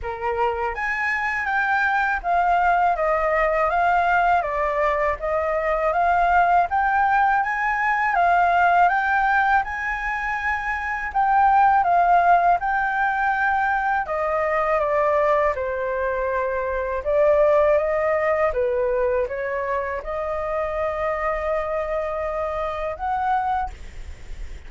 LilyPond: \new Staff \with { instrumentName = "flute" } { \time 4/4 \tempo 4 = 81 ais'4 gis''4 g''4 f''4 | dis''4 f''4 d''4 dis''4 | f''4 g''4 gis''4 f''4 | g''4 gis''2 g''4 |
f''4 g''2 dis''4 | d''4 c''2 d''4 | dis''4 b'4 cis''4 dis''4~ | dis''2. fis''4 | }